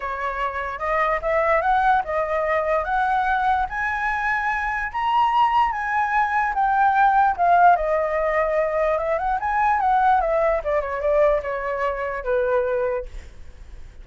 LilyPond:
\new Staff \with { instrumentName = "flute" } { \time 4/4 \tempo 4 = 147 cis''2 dis''4 e''4 | fis''4 dis''2 fis''4~ | fis''4 gis''2. | ais''2 gis''2 |
g''2 f''4 dis''4~ | dis''2 e''8 fis''8 gis''4 | fis''4 e''4 d''8 cis''8 d''4 | cis''2 b'2 | }